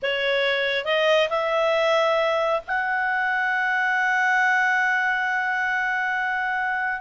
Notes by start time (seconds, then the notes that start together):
0.02 C#5
0.85 D#5
1.29 E5
2.67 F#5